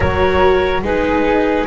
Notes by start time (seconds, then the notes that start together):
0.00 F#3 F#4 A#4 C#5
0.82 G#3 D#4 G#4 B4